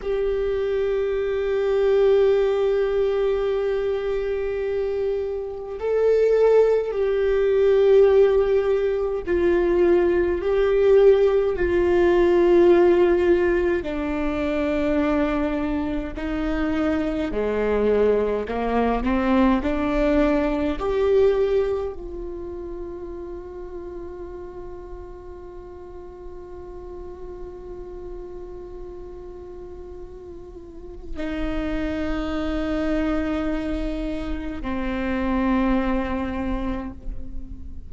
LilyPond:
\new Staff \with { instrumentName = "viola" } { \time 4/4 \tempo 4 = 52 g'1~ | g'4 a'4 g'2 | f'4 g'4 f'2 | d'2 dis'4 gis4 |
ais8 c'8 d'4 g'4 f'4~ | f'1~ | f'2. dis'4~ | dis'2 c'2 | }